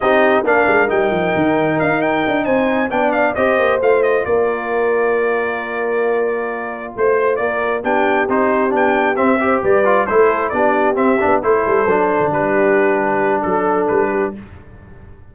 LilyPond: <<
  \new Staff \with { instrumentName = "trumpet" } { \time 4/4 \tempo 4 = 134 dis''4 f''4 g''2 | f''8 g''4 gis''4 g''8 f''8 dis''8~ | dis''8 f''8 dis''8 d''2~ d''8~ | d''2.~ d''8 c''8~ |
c''8 d''4 g''4 c''4 g''8~ | g''8 e''4 d''4 c''4 d''8~ | d''8 e''4 c''2 b'8~ | b'2 a'4 b'4 | }
  \new Staff \with { instrumentName = "horn" } { \time 4/4 g'4 ais'2.~ | ais'4. c''4 d''4 c''8~ | c''4. ais'2~ ais'8~ | ais'2.~ ais'8 c''8~ |
c''8 ais'4 g'2~ g'8~ | g'4 c''8 b'4 a'4 g'8~ | g'4. a'2 g'8~ | g'2 a'4. g'8 | }
  \new Staff \with { instrumentName = "trombone" } { \time 4/4 dis'4 d'4 dis'2~ | dis'2~ dis'8 d'4 g'8~ | g'8 f'2.~ f'8~ | f'1~ |
f'4. d'4 dis'4 d'8~ | d'8 c'8 g'4 f'8 e'4 d'8~ | d'8 c'8 d'8 e'4 d'4.~ | d'1 | }
  \new Staff \with { instrumentName = "tuba" } { \time 4/4 c'4 ais8 gis8 g8 f8 dis4 | dis'4 d'8 c'4 b4 c'8 | ais8 a4 ais2~ ais8~ | ais2.~ ais8 a8~ |
a8 ais4 b4 c'4 b8~ | b8 c'4 g4 a4 b8~ | b8 c'8 b8 a8 g8 fis8. d16 g8~ | g2 fis4 g4 | }
>>